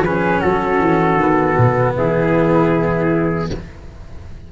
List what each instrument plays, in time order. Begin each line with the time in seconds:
0.00 tuba F3, cello C#4, flute G#4, trumpet B4
0.40 tuba F#3, flute F#4, trumpet A4
0.80 tuba E3
1.16 tuba D#3, cello B3
1.58 tuba B2
1.96 tuba E3, flute E4, trumpet G#4